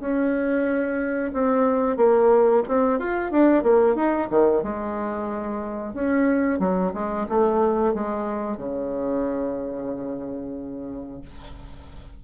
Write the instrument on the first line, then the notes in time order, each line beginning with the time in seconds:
bassoon
0.00 C#4
1.33 C4
1.97 A#3
2.68 C4
2.99 F4
3.31 D4
3.63 A#3
3.95 D#4
4.30 D#3
4.63 G#3
5.93 C#4
6.59 F#3
6.94 G#3
7.29 A3
7.94 G#3
8.57 C#3